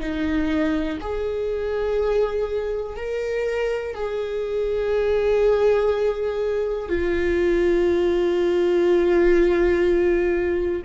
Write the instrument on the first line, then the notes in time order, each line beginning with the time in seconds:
viola
0.00 D#4
1.01 G#4
2.96 A#4
3.94 G#4
6.89 F4